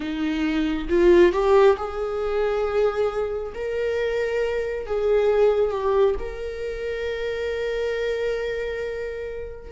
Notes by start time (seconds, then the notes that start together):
0.00 D#4
0.89 F4
1.32 G4
1.76 G#4
3.54 A#4
4.86 G#4
5.70 G4
6.19 A#4